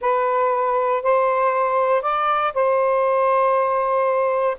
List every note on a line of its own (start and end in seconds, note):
0.01 1.02 B4
1.02 2.02 C5
2.02 2.53 D5
2.53 4.57 C5